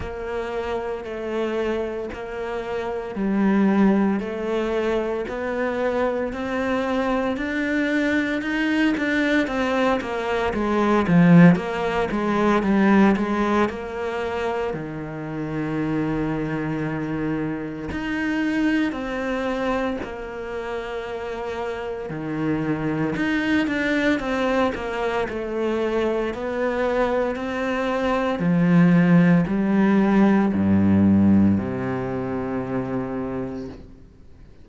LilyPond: \new Staff \with { instrumentName = "cello" } { \time 4/4 \tempo 4 = 57 ais4 a4 ais4 g4 | a4 b4 c'4 d'4 | dis'8 d'8 c'8 ais8 gis8 f8 ais8 gis8 | g8 gis8 ais4 dis2~ |
dis4 dis'4 c'4 ais4~ | ais4 dis4 dis'8 d'8 c'8 ais8 | a4 b4 c'4 f4 | g4 g,4 c2 | }